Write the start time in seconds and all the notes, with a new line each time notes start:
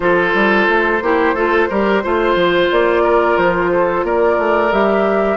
0.00 F3 F4 A4 C5
0.33 G3
0.68 A3
1.01 A#3 E4 G4
1.34 A3 F4 A4
1.69 G3 G4 A#4
2.03 A3 F4 C5
2.35 F3
2.71 A#3 D5
3.03 A#4
3.37 F3 C5
3.71 A4
4.03 A#3 A#4 D5
4.38 A3
4.71 G3 G4 E5